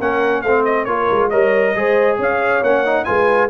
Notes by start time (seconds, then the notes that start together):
0.00 A#3 C#4 A#4 F#5
0.42 A3 C4 C5 F5
0.65 D#5
0.85 A#3 F4 C#5
0.92 A#4
1.11 G#3
1.30 G3 A#4 C#5 D#5
1.75 G#3 G#4 C5
2.18 C#4 C#5 F5
2.63 A#3 C#4 F#5
2.86 D#4
3.05 G#3 F4 B4 G#5